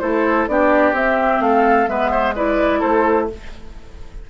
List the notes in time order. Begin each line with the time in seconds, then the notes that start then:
0.00 A3 E4 A4 C5
0.48 B3 D4 G4 D5
0.92 C4 E5
1.40 A3 A4 F5
1.88 G#3 B3 B4 E5
2.11 C5
2.36 E4 B4 D5
2.80 A3 A4 C5